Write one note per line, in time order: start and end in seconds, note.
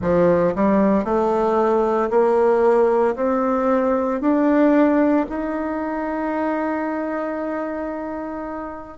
0.01 0.54 F3
0.55 1.04 G3
1.04 2.09 A3
2.10 3.15 A#3
3.15 4.21 C4
4.21 5.26 D4
5.29 8.97 D#4